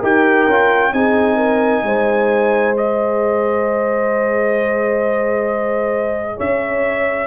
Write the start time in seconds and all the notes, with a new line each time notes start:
0.00 D#4 G4 A#4 G5
0.47 C#4 F4
0.93 C4 D#4 G#4 G#5
1.37 A#4
1.84 G#3 C5
2.76 G#4 D#5
6.37 C#4 C#5 E5